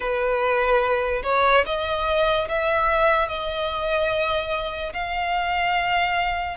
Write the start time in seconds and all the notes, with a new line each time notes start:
0.00 B4
1.23 C#5
1.66 D#5
2.48 E5
3.28 D#5
4.93 F5